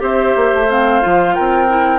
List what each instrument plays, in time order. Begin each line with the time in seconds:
0.00 bassoon C4, clarinet G4, oboe C5, flute E5
0.36 bassoon A#3
0.54 bassoon A3
0.70 clarinet C4, flute F5
1.02 bassoon F3, clarinet F4
1.35 bassoon C4, oboe A#4, flute G5
1.70 clarinet E4